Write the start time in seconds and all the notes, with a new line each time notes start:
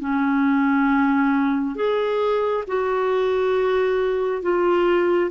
0.00 C#4
1.76 G#4
2.67 F#4
4.42 F4